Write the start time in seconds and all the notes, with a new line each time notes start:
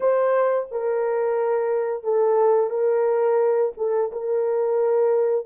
0.00 C5
0.71 A#4
2.03 A4
2.69 A#4
3.77 A4
4.12 A#4